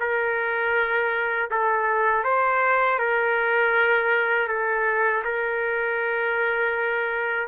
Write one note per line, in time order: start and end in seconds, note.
0.00 1.50 A#4
1.51 2.24 A4
2.24 2.99 C5
2.99 4.48 A#4
4.48 5.23 A4
5.24 7.48 A#4